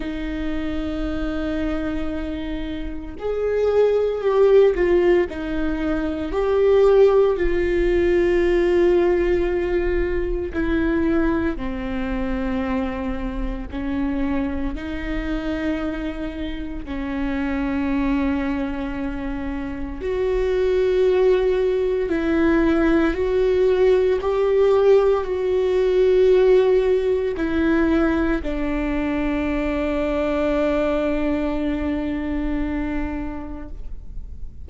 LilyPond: \new Staff \with { instrumentName = "viola" } { \time 4/4 \tempo 4 = 57 dis'2. gis'4 | g'8 f'8 dis'4 g'4 f'4~ | f'2 e'4 c'4~ | c'4 cis'4 dis'2 |
cis'2. fis'4~ | fis'4 e'4 fis'4 g'4 | fis'2 e'4 d'4~ | d'1 | }